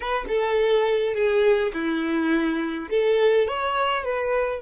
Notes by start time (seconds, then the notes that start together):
0.00 B4
0.28 A4
1.14 G#4
1.73 E4
2.90 A4
3.47 C#5
4.04 B4